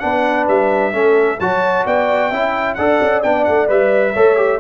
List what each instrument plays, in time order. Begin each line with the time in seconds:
0.00 tuba B3, trombone D4, horn B4, trumpet F#5
0.48 tuba G3, trumpet E5
0.93 tuba A3, trombone C#4, horn A4
1.40 tuba F#3, trombone F#4, horn C#5, trumpet A5
1.86 tuba B3, horn D5, trumpet G5
2.31 tuba C#4, trombone E4, horn E5
2.75 tuba D4, trombone A4, horn D5, trumpet F#5
3.02 tuba C#4
3.23 tuba B3, trombone D4, trumpet G5
3.45 tuba A3, trumpet F#5
3.68 tuba G3, trombone B4, trumpet E5
4.14 tuba A3, trombone A4, horn C#5
4.37 trombone G4